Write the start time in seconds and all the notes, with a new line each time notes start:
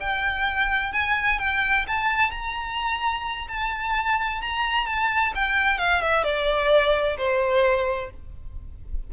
0.00 G5
0.92 G#5
1.39 G5
1.87 A5
2.31 A#5
3.48 A5
4.41 A#5
4.86 A5
5.35 G5
5.78 F5
6.01 E5
6.24 D5
7.17 C5